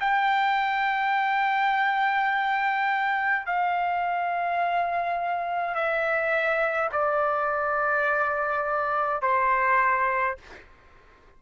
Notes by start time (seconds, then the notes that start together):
0.00 G5
3.46 F5
5.74 E5
6.92 D5
9.22 C5